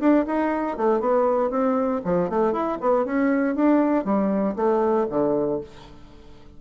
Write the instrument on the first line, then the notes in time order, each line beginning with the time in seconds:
bassoon
0.00 D4
0.27 D#4
0.77 A3
1.01 B3
1.51 C4
2.05 F3
2.30 A3
2.53 E4
2.81 B3
3.05 C#4
3.56 D4
4.05 G3
4.56 A3
5.10 D3